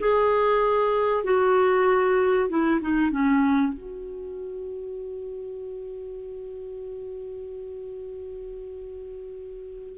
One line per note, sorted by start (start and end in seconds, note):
0.00 1.24 G#4
1.24 2.49 F#4
2.49 2.80 E4
2.81 3.11 D#4
3.11 3.73 C#4
3.73 9.98 F#4